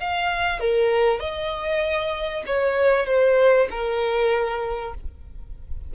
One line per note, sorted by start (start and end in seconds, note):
0.00 0.60 F5
0.60 1.20 A#4
1.20 2.44 D#5
2.47 3.06 C#5
3.06 3.68 C5
3.71 4.95 A#4